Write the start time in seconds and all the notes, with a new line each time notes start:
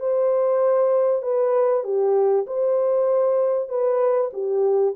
0.00 C5
1.22 B4
1.84 G4
2.47 C5
3.69 B4
4.33 G4